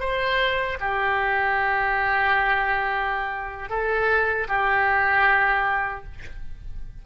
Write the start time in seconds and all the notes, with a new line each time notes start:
0.00 C5
0.81 G4
3.70 A4
4.49 G4